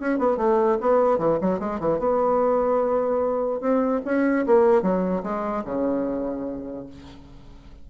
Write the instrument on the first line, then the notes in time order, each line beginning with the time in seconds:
bassoon
0.00 C#4
0.19 B3
0.37 A3
0.81 B3
1.19 E3
1.42 F#3
1.60 G#3
1.80 E3
1.99 B3
3.61 C4
4.05 C#4
4.46 A#3
4.82 F#3
5.24 G#3
5.65 C#3